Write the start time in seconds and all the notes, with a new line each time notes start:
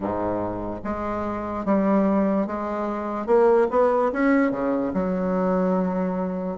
0.00 G#2
0.84 G#3
1.65 G3
2.47 G#3
3.26 A#3
3.70 B3
4.12 C#4
4.51 C#3
4.93 F#3